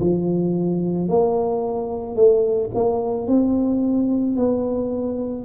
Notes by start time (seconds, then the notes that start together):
0.00 F3
1.09 A#3
2.16 A3
2.75 A#3
3.27 C4
4.36 B3